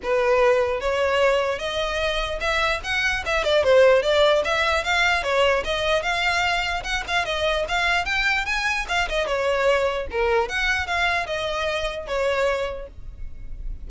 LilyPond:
\new Staff \with { instrumentName = "violin" } { \time 4/4 \tempo 4 = 149 b'2 cis''2 | dis''2 e''4 fis''4 | e''8 d''8 c''4 d''4 e''4 | f''4 cis''4 dis''4 f''4~ |
f''4 fis''8 f''8 dis''4 f''4 | g''4 gis''4 f''8 dis''8 cis''4~ | cis''4 ais'4 fis''4 f''4 | dis''2 cis''2 | }